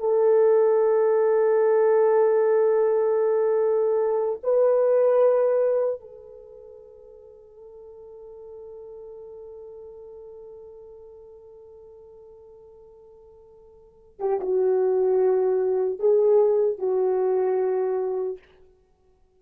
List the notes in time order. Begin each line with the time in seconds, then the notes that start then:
0.00 A4
4.43 B4
6.01 A4
14.20 G4
14.41 F#4
16.00 G#4
16.79 F#4